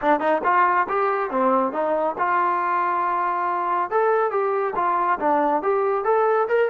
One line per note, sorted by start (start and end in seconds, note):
0.01 0.20 D4
0.20 0.41 D#4
0.44 0.87 F4
0.88 1.30 G4
1.30 1.72 C4
1.72 2.15 D#4
2.18 3.90 F4
3.90 4.30 A4
4.30 4.74 G4
4.75 5.19 F4
5.19 5.62 D4
5.62 6.04 G4
6.04 6.47 A4
6.48 6.69 A#4